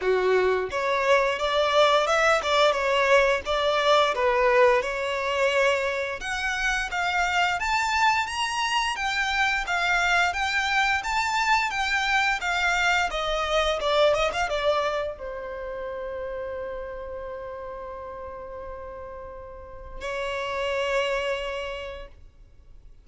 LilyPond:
\new Staff \with { instrumentName = "violin" } { \time 4/4 \tempo 4 = 87 fis'4 cis''4 d''4 e''8 d''8 | cis''4 d''4 b'4 cis''4~ | cis''4 fis''4 f''4 a''4 | ais''4 g''4 f''4 g''4 |
a''4 g''4 f''4 dis''4 | d''8 dis''16 f''16 d''4 c''2~ | c''1~ | c''4 cis''2. | }